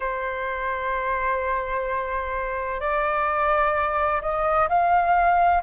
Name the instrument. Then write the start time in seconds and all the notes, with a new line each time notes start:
flute
0.00 C5
2.80 D5
4.21 D#5
4.69 F5